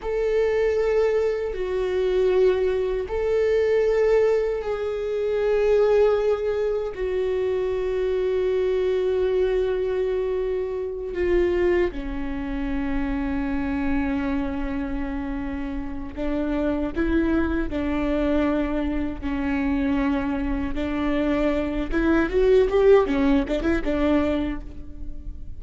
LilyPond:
\new Staff \with { instrumentName = "viola" } { \time 4/4 \tempo 4 = 78 a'2 fis'2 | a'2 gis'2~ | gis'4 fis'2.~ | fis'2~ fis'8 f'4 cis'8~ |
cis'1~ | cis'4 d'4 e'4 d'4~ | d'4 cis'2 d'4~ | d'8 e'8 fis'8 g'8 cis'8 d'16 e'16 d'4 | }